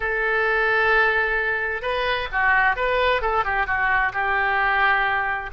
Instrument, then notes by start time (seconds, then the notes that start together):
oboe
0.00 A4
1.82 B4
2.32 F#4
2.76 B4
3.21 A4
3.44 G4
3.66 F#4
4.13 G4